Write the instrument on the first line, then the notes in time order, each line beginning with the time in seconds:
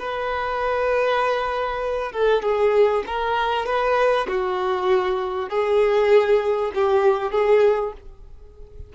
violin
0.00 B4
2.13 A4
2.43 G#4
3.07 A#4
3.67 B4
4.29 F#4
5.50 G#4
6.75 G4
7.32 G#4